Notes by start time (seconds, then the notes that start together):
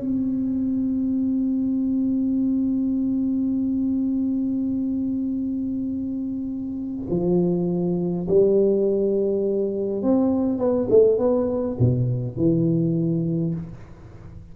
0.00 C4
7.10 F3
8.29 G3
10.02 C4
10.58 B3
10.90 A3
11.18 B3
11.79 B2
12.37 E3